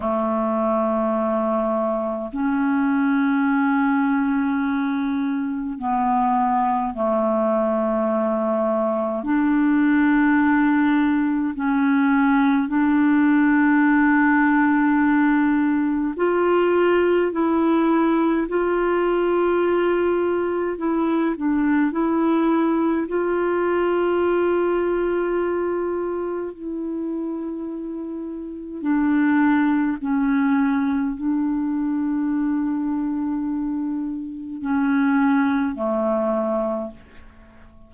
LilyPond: \new Staff \with { instrumentName = "clarinet" } { \time 4/4 \tempo 4 = 52 a2 cis'2~ | cis'4 b4 a2 | d'2 cis'4 d'4~ | d'2 f'4 e'4 |
f'2 e'8 d'8 e'4 | f'2. e'4~ | e'4 d'4 cis'4 d'4~ | d'2 cis'4 a4 | }